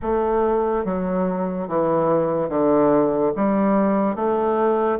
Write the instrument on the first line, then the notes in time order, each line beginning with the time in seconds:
bassoon
0.02 A3
0.84 F#3
1.68 E3
2.49 D3
3.36 G3
4.15 A3